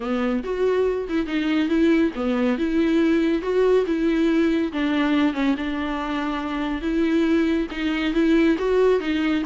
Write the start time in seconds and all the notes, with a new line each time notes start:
0.00 B3
0.43 F#4
1.08 E4
1.26 D#4
1.68 E4
2.15 B3
2.58 E4
3.42 F#4
3.86 E4
4.72 D4
5.33 C#4
5.57 D4
6.81 E4
7.70 D#4
8.13 E4
8.58 F#4
9.00 D#4